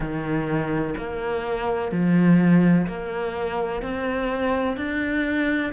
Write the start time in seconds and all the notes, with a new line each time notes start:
0.00 D#3
0.97 A#3
1.91 F3
2.87 A#3
3.82 C4
4.77 D4